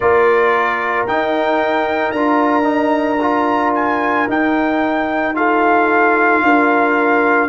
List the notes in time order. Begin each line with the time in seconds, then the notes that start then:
0.00 A#3 F4 A#4 D5
1.07 D#4 G5
2.11 D4 F4 A#5
2.63 D#4
3.21 F4
3.74 G#5
4.27 D#4 G5
5.34 F4 A4 F5
6.42 D4 A#4